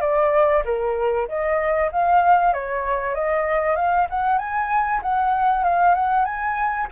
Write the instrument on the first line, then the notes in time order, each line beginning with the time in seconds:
flute
0.00 D5
0.65 A#4
1.28 D#5
1.91 F5
2.53 C#5
3.14 D#5
3.76 F5
4.10 F#5
4.38 G#5
5.02 F#5
5.63 F5
5.94 F#5
6.24 G#5